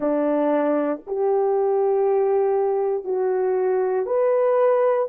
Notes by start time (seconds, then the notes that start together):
0.00 D4
1.07 G4
3.04 F#4
4.06 B4